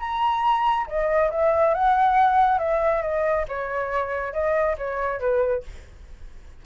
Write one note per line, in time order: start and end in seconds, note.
0.00 0.87 A#5
0.87 1.31 D#5
1.31 1.75 E5
1.75 2.59 F#5
2.59 3.03 E5
3.03 3.46 D#5
3.49 4.33 C#5
4.33 4.77 D#5
4.78 5.21 C#5
5.21 5.64 B4